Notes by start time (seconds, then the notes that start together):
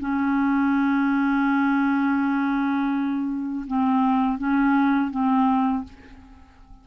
0.00 C#4
3.68 C4
4.39 C#4
5.11 C4